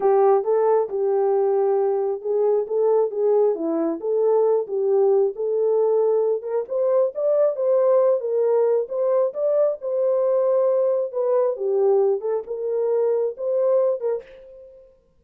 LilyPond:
\new Staff \with { instrumentName = "horn" } { \time 4/4 \tempo 4 = 135 g'4 a'4 g'2~ | g'4 gis'4 a'4 gis'4 | e'4 a'4. g'4. | a'2~ a'8 ais'8 c''4 |
d''4 c''4. ais'4. | c''4 d''4 c''2~ | c''4 b'4 g'4. a'8 | ais'2 c''4. ais'8 | }